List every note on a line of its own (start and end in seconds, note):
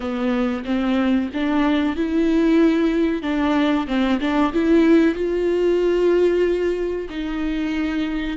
0.00 0.64 B3
0.65 1.29 C4
1.33 1.95 D4
1.95 3.22 E4
3.22 3.87 D4
3.87 4.19 C4
4.20 4.52 D4
4.53 5.14 E4
5.14 7.08 F4
7.09 8.37 D#4